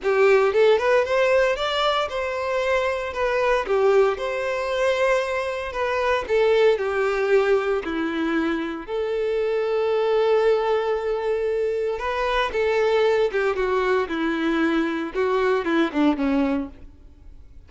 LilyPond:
\new Staff \with { instrumentName = "violin" } { \time 4/4 \tempo 4 = 115 g'4 a'8 b'8 c''4 d''4 | c''2 b'4 g'4 | c''2. b'4 | a'4 g'2 e'4~ |
e'4 a'2.~ | a'2. b'4 | a'4. g'8 fis'4 e'4~ | e'4 fis'4 e'8 d'8 cis'4 | }